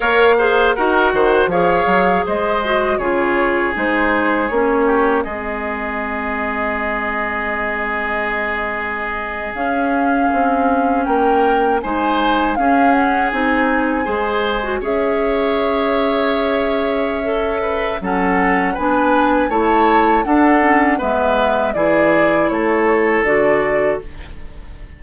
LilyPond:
<<
  \new Staff \with { instrumentName = "flute" } { \time 4/4 \tempo 4 = 80 f''4 fis''4 f''4 dis''4 | cis''4 c''4 cis''4 dis''4~ | dis''1~ | dis''8. f''2 g''4 gis''16~ |
gis''8. f''8 fis''8 gis''2 e''16~ | e''1 | fis''4 gis''4 a''4 fis''4 | e''4 d''4 cis''4 d''4 | }
  \new Staff \with { instrumentName = "oboe" } { \time 4/4 cis''8 c''8 ais'8 c''8 cis''4 c''4 | gis'2~ gis'8 g'8 gis'4~ | gis'1~ | gis'2~ gis'8. ais'4 c''16~ |
c''8. gis'2 c''4 cis''16~ | cis''2.~ cis''8 b'8 | a'4 b'4 cis''4 a'4 | b'4 gis'4 a'2 | }
  \new Staff \with { instrumentName = "clarinet" } { \time 4/4 ais'8 gis'8 fis'4 gis'4. fis'8 | f'4 dis'4 cis'4 c'4~ | c'1~ | c'8. cis'2. dis'16~ |
dis'8. cis'4 dis'4 gis'8. fis'16 gis'16~ | gis'2. a'4 | cis'4 d'4 e'4 d'8 cis'8 | b4 e'2 fis'4 | }
  \new Staff \with { instrumentName = "bassoon" } { \time 4/4 ais4 dis'8 dis8 f8 fis8 gis4 | cis4 gis4 ais4 gis4~ | gis1~ | gis8. cis'4 c'4 ais4 gis16~ |
gis8. cis'4 c'4 gis4 cis'16~ | cis'1 | fis4 b4 a4 d'4 | gis4 e4 a4 d4 | }
>>